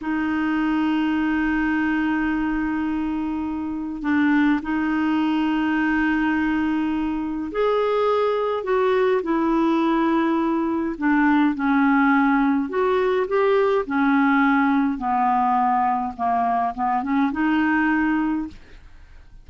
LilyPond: \new Staff \with { instrumentName = "clarinet" } { \time 4/4 \tempo 4 = 104 dis'1~ | dis'2. d'4 | dis'1~ | dis'4 gis'2 fis'4 |
e'2. d'4 | cis'2 fis'4 g'4 | cis'2 b2 | ais4 b8 cis'8 dis'2 | }